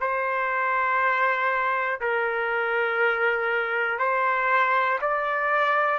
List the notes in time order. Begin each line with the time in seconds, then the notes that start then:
0.00 C5
2.00 A#4
3.98 C5
5.00 D5